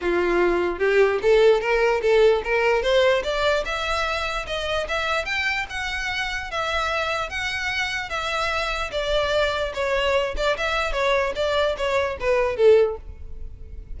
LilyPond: \new Staff \with { instrumentName = "violin" } { \time 4/4 \tempo 4 = 148 f'2 g'4 a'4 | ais'4 a'4 ais'4 c''4 | d''4 e''2 dis''4 | e''4 g''4 fis''2 |
e''2 fis''2 | e''2 d''2 | cis''4. d''8 e''4 cis''4 | d''4 cis''4 b'4 a'4 | }